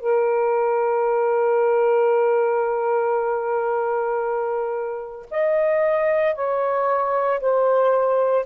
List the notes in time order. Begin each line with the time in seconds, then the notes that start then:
0.00 A#4
5.31 D#5
6.35 C#5
7.41 C5